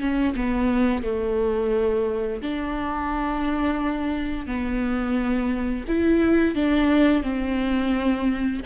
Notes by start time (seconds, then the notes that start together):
0.00 C#4
0.35 B3
1.03 A3
2.42 D4
4.46 B3
5.87 E4
6.55 D4
7.23 C4